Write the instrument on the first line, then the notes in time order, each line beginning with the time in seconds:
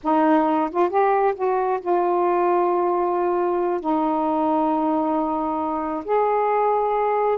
saxophone
0.03 D#4
0.70 F4
0.89 G4
1.35 F#4
1.80 F4
3.80 D#4
6.04 G#4